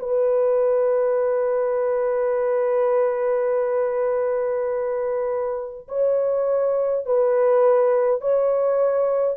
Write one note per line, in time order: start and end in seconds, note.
0.00 5.88 B4
5.89 7.06 C#5
7.06 8.21 B4
8.21 9.37 C#5